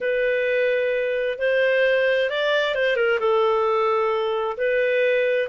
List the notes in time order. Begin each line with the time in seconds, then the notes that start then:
0.00 B4
1.38 C5
2.30 D5
2.74 C5
2.95 A#4
3.19 A4
4.57 B4